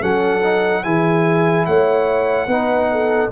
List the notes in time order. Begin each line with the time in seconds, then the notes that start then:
0.00 F#3 C#4 A4 F#5
0.43 D#4
0.83 E3 E4 G#4 G#5
1.66 A3 C#5 F#5
2.47 B3 D#4 B4
2.91 A4